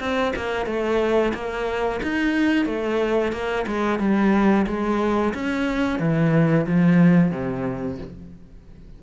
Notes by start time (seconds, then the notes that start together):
0.00 C4
0.36 A#3
0.66 A3
1.34 A#3
2.03 D#4
2.66 A3
3.32 A#3
3.67 G#3
3.99 G3
4.67 G#3
5.34 C#4
5.99 E3
6.67 F3
7.32 C3